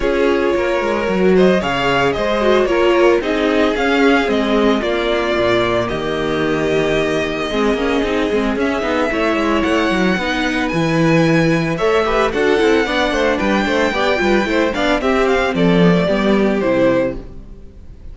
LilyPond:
<<
  \new Staff \with { instrumentName = "violin" } { \time 4/4 \tempo 4 = 112 cis''2~ cis''8 dis''8 f''4 | dis''4 cis''4 dis''4 f''4 | dis''4 d''2 dis''4~ | dis''1 |
e''2 fis''2 | gis''2 e''4 fis''4~ | fis''4 g''2~ g''8 f''8 | e''8 f''8 d''2 c''4 | }
  \new Staff \with { instrumentName = "violin" } { \time 4/4 gis'4 ais'4. c''8 cis''4 | c''4 ais'4 gis'2~ | gis'4 f'2 g'4~ | g'2 gis'2~ |
gis'4 cis''2 b'4~ | b'2 cis''8 b'8 a'4 | d''8 c''8 b'8 c''8 d''8 b'8 c''8 d''8 | g'4 a'4 g'2 | }
  \new Staff \with { instrumentName = "viola" } { \time 4/4 f'2 fis'4 gis'4~ | gis'8 fis'8 f'4 dis'4 cis'4 | c'4 ais2.~ | ais2 c'8 cis'8 dis'8 c'8 |
cis'8 dis'8 e'2 dis'4 | e'2 a'8 g'8 fis'8 e'8 | d'2 g'8 f'8 e'8 d'8 | c'4. b16 a16 b4 e'4 | }
  \new Staff \with { instrumentName = "cello" } { \time 4/4 cis'4 ais8 gis8 fis4 cis4 | gis4 ais4 c'4 cis'4 | gis4 ais4 ais,4 dis4~ | dis2 gis8 ais8 c'8 gis8 |
cis'8 b8 a8 gis8 a8 fis8 b4 | e2 a4 d'8 c'8 | b8 a8 g8 a8 b8 g8 a8 b8 | c'4 f4 g4 c4 | }
>>